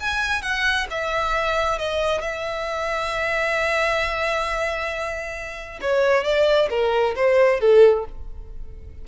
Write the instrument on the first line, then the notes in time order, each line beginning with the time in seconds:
violin
0.00 G#5
0.42 F#5
0.90 E5
1.78 D#5
2.21 E5
5.81 C#5
6.24 D5
6.70 A#4
7.15 C5
7.60 A4